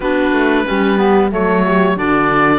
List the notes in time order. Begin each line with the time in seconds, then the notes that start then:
0.00 B3 D4 F#4 B4
0.32 A3
0.65 G3 C#4 G4
0.97 B3
1.31 F#3 A3 A4 C#5
1.64 G4
1.96 D3 D4 F#4 D5